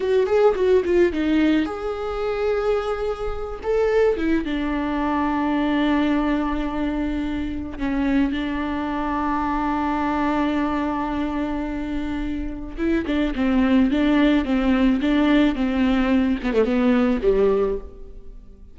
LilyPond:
\new Staff \with { instrumentName = "viola" } { \time 4/4 \tempo 4 = 108 fis'8 gis'8 fis'8 f'8 dis'4 gis'4~ | gis'2~ gis'8 a'4 e'8 | d'1~ | d'2 cis'4 d'4~ |
d'1~ | d'2. e'8 d'8 | c'4 d'4 c'4 d'4 | c'4. b16 a16 b4 g4 | }